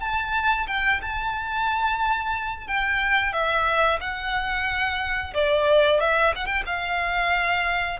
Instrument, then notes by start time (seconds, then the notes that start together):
violin
0.00 A5
0.67 G5
1.01 A5
2.67 G5
3.32 E5
4.00 F#5
5.33 D5
6.00 E5
6.35 F#5
6.45 G5
6.66 F5